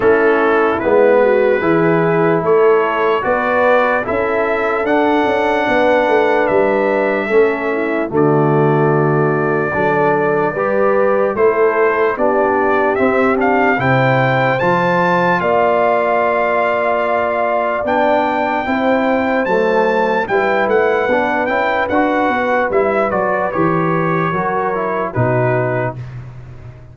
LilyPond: <<
  \new Staff \with { instrumentName = "trumpet" } { \time 4/4 \tempo 4 = 74 a'4 b'2 cis''4 | d''4 e''4 fis''2 | e''2 d''2~ | d''2 c''4 d''4 |
e''8 f''8 g''4 a''4 f''4~ | f''2 g''2 | a''4 g''8 fis''4 g''8 fis''4 | e''8 d''8 cis''2 b'4 | }
  \new Staff \with { instrumentName = "horn" } { \time 4/4 e'4. fis'8 gis'4 a'4 | b'4 a'2 b'4~ | b'4 a'8 e'8 fis'2 | a'4 b'4 a'4 g'4~ |
g'4 c''2 d''4~ | d''2. c''4~ | c''4 b'2.~ | b'2 ais'4 fis'4 | }
  \new Staff \with { instrumentName = "trombone" } { \time 4/4 cis'4 b4 e'2 | fis'4 e'4 d'2~ | d'4 cis'4 a2 | d'4 g'4 e'4 d'4 |
c'8 d'8 e'4 f'2~ | f'2 d'4 e'4 | a4 e'4 d'8 e'8 fis'4 | e'8 fis'8 g'4 fis'8 e'8 dis'4 | }
  \new Staff \with { instrumentName = "tuba" } { \time 4/4 a4 gis4 e4 a4 | b4 cis'4 d'8 cis'8 b8 a8 | g4 a4 d2 | fis4 g4 a4 b4 |
c'4 c4 f4 ais4~ | ais2 b4 c'4 | fis4 g8 a8 b8 cis'8 d'8 b8 | g8 fis8 e4 fis4 b,4 | }
>>